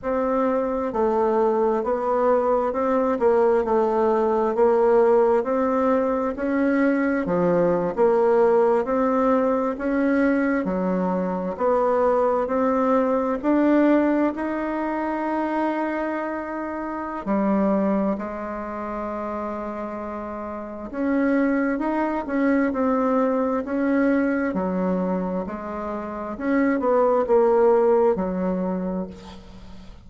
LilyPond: \new Staff \with { instrumentName = "bassoon" } { \time 4/4 \tempo 4 = 66 c'4 a4 b4 c'8 ais8 | a4 ais4 c'4 cis'4 | f8. ais4 c'4 cis'4 fis16~ | fis8. b4 c'4 d'4 dis'16~ |
dis'2. g4 | gis2. cis'4 | dis'8 cis'8 c'4 cis'4 fis4 | gis4 cis'8 b8 ais4 fis4 | }